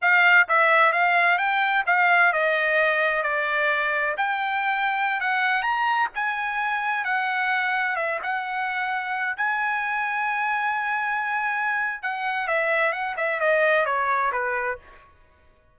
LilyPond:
\new Staff \with { instrumentName = "trumpet" } { \time 4/4 \tempo 4 = 130 f''4 e''4 f''4 g''4 | f''4 dis''2 d''4~ | d''4 g''2~ g''16 fis''8.~ | fis''16 ais''4 gis''2 fis''8.~ |
fis''4~ fis''16 e''8 fis''2~ fis''16~ | fis''16 gis''2.~ gis''8.~ | gis''2 fis''4 e''4 | fis''8 e''8 dis''4 cis''4 b'4 | }